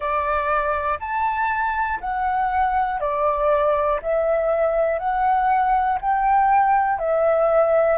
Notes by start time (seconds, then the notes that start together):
0.00 D5
0.99 A5
2.00 F#5
3.00 D5
4.01 E5
4.98 F#5
6.00 G5
6.98 E5